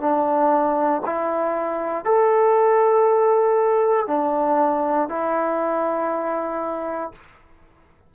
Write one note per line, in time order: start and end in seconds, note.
0.00 1.02 D4
1.05 2.05 E4
2.05 4.07 A4
4.07 5.09 D4
5.09 7.12 E4